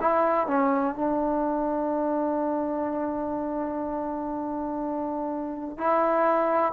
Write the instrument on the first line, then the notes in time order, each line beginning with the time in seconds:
trombone
0.00 E4
0.47 C#4
0.95 D4
5.78 E4